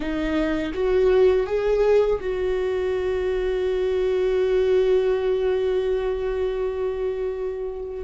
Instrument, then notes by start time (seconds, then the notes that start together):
viola
0.00 D#4
0.73 F#4
1.46 G#4
2.20 F#4